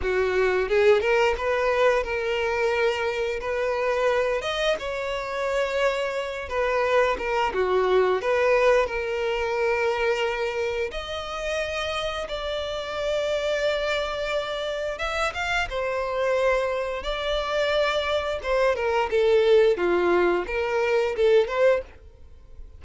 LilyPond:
\new Staff \with { instrumentName = "violin" } { \time 4/4 \tempo 4 = 88 fis'4 gis'8 ais'8 b'4 ais'4~ | ais'4 b'4. dis''8 cis''4~ | cis''4. b'4 ais'8 fis'4 | b'4 ais'2. |
dis''2 d''2~ | d''2 e''8 f''8 c''4~ | c''4 d''2 c''8 ais'8 | a'4 f'4 ais'4 a'8 c''8 | }